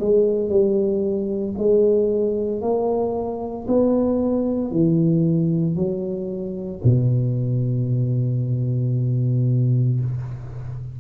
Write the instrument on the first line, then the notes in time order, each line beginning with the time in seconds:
tuba
0.00 G#3
0.49 G3
1.58 G#3
2.61 A#3
3.67 B3
4.71 E3
5.76 F#3
6.84 B2